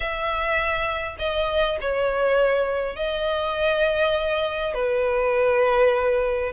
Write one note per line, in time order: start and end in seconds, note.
0.00 1.16 E5
1.19 1.78 D#5
1.80 2.96 C#5
2.96 4.74 D#5
4.74 6.52 B4